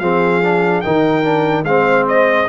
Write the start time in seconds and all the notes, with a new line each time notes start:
0.00 F3 C4 G#4 F5
0.43 D4
0.81 D#3 D#4 A#4 G5
1.24 D4
1.64 G#3 C4 C5 F5
2.08 D#5